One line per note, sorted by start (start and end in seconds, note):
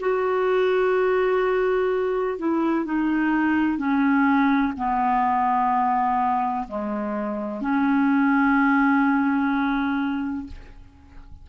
0.00 2.38 F#4
2.38 2.85 E4
2.85 3.77 D#4
3.77 4.73 C#4
4.76 6.67 B3
6.68 7.61 G#3
7.61 10.46 C#4